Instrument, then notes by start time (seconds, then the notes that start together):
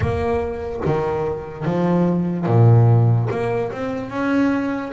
double bass
0.00 A#3
0.85 D#3
1.64 F3
2.46 A#2
3.30 A#3
3.71 C4
4.10 C#4